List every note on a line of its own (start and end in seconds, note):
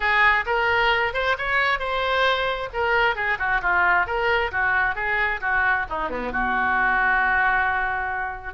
0.00 0.44 G#4
0.46 1.13 A#4
1.13 1.36 C5
1.37 1.79 C#5
1.79 2.69 C5
2.73 3.15 A#4
3.15 3.38 G#4
3.38 3.61 F#4
3.61 4.06 F4
4.06 4.51 A#4
4.51 4.95 F#4
4.95 5.40 G#4
5.40 5.85 F#4
5.89 6.09 D#4
6.09 6.32 B3
6.32 8.54 F#4